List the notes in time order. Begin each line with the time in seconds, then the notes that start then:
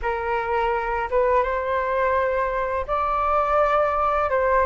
0.02 A#4
1.10 B4
1.43 C5
2.87 D5
4.30 C5